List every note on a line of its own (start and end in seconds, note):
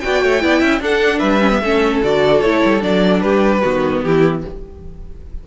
0.00 0.23 B3
0.00 0.40 F#4
0.00 0.22 D5
0.00 0.81 G5
0.22 0.42 A3
0.22 0.42 C#5
0.40 0.61 B3
0.40 0.80 E4
0.40 0.59 D5
0.59 0.80 C#4
0.59 0.79 E5
0.80 1.20 D4
0.80 1.40 D4
0.80 1.18 A4
0.80 1.19 F#5
1.18 1.61 G3
1.18 1.59 B4
1.18 1.99 E5
1.40 1.50 C#4
1.50 1.60 B3
1.61 2.01 A3
1.61 2.03 C#4
1.61 3.23 A4
2.03 2.42 D3
2.03 2.43 F#4
2.03 2.41 D5
2.41 2.62 A3
2.41 2.80 E4
2.41 2.81 C#5
2.65 2.83 G3
2.80 3.23 F#3
2.80 3.61 D4
2.80 3.20 D5
3.20 3.63 G3
3.20 3.62 G4
3.20 4.01 B4
3.62 4.03 D#3
3.62 4.44 B3
3.62 4.02 F#4
4.03 4.44 E3
4.03 4.47 E4
4.03 4.43 G4